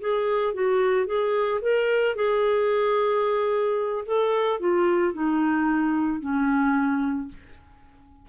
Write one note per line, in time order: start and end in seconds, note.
0.00 0.54 G#4
0.54 1.06 F#4
1.06 1.60 G#4
1.61 2.15 A#4
2.15 4.04 G#4
4.06 4.60 A4
4.60 5.13 F4
5.13 6.20 D#4
6.20 7.28 C#4